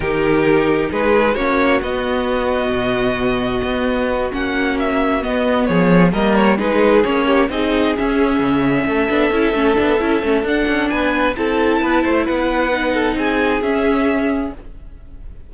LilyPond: <<
  \new Staff \with { instrumentName = "violin" } { \time 4/4 \tempo 4 = 132 ais'2 b'4 cis''4 | dis''1~ | dis''4. fis''4 e''4 dis''8~ | dis''8 cis''4 dis''8 cis''8 b'4 cis''8~ |
cis''8 dis''4 e''2~ e''8~ | e''2. fis''4 | gis''4 a''2 fis''4~ | fis''4 gis''4 e''2 | }
  \new Staff \with { instrumentName = "violin" } { \time 4/4 g'2 gis'4 fis'4~ | fis'1~ | fis'1~ | fis'8 gis'4 ais'4 gis'4. |
g'8 gis'2. a'8~ | a'1 | b'4 a'4 b'8 c''8 b'4~ | b'8 a'8 gis'2. | }
  \new Staff \with { instrumentName = "viola" } { \time 4/4 dis'2. cis'4 | b1~ | b4. cis'2 b8~ | b4. ais4 dis'4 cis'8~ |
cis'8 dis'4 cis'2~ cis'8 | d'8 e'8 cis'8 d'8 e'8 cis'8 d'4~ | d'4 e'2. | dis'2 cis'2 | }
  \new Staff \with { instrumentName = "cello" } { \time 4/4 dis2 gis4 ais4 | b2 b,2 | b4. ais2 b8~ | b8 f4 g4 gis4 ais8~ |
ais8 c'4 cis'4 cis4 a8 | b8 cis'8 a8 b8 cis'8 a8 d'8 cis'8 | b4 c'4 b8 a8 b4~ | b4 c'4 cis'2 | }
>>